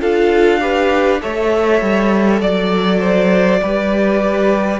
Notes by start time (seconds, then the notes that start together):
0.00 D4 F4 A4 F5
0.60 G4 B4
1.20 A3 A4 C#5 E5
1.81 G3
2.40 F#3 D5
2.99 C5
3.61 G3 G4 B4